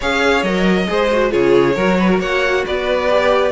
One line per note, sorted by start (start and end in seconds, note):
0.00 0.43 C#4
0.00 0.44 G#4
0.00 0.86 C#5
0.00 0.42 F5
0.42 0.87 F#3
0.42 0.87 A#4
0.42 1.31 D#5
0.87 1.33 G#3
0.87 1.09 G#4
0.87 1.31 C5
1.12 1.30 F#4
1.30 1.76 C#3
1.30 1.74 F4
1.30 1.75 G#4
1.30 2.20 C#5
1.75 2.19 F#3
1.75 3.09 F#4
1.75 1.97 A#4
1.98 2.09 B4
2.09 2.19 A#4
2.19 2.63 A#3
2.19 2.63 C#5
2.19 2.65 F#5
2.66 3.51 B3
2.66 3.51 B4
2.66 3.51 D5
3.09 3.51 G4